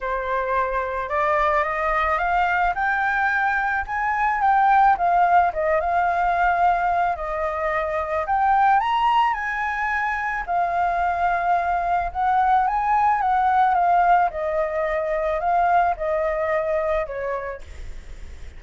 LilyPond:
\new Staff \with { instrumentName = "flute" } { \time 4/4 \tempo 4 = 109 c''2 d''4 dis''4 | f''4 g''2 gis''4 | g''4 f''4 dis''8 f''4.~ | f''4 dis''2 g''4 |
ais''4 gis''2 f''4~ | f''2 fis''4 gis''4 | fis''4 f''4 dis''2 | f''4 dis''2 cis''4 | }